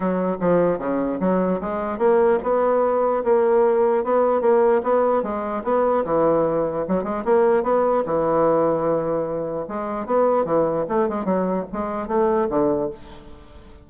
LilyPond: \new Staff \with { instrumentName = "bassoon" } { \time 4/4 \tempo 4 = 149 fis4 f4 cis4 fis4 | gis4 ais4 b2 | ais2 b4 ais4 | b4 gis4 b4 e4~ |
e4 fis8 gis8 ais4 b4 | e1 | gis4 b4 e4 a8 gis8 | fis4 gis4 a4 d4 | }